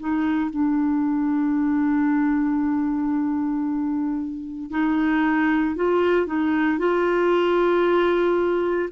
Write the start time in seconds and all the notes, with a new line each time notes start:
0.00 D#4
0.51 D4
4.71 D#4
5.76 F4
6.27 D#4
6.79 F4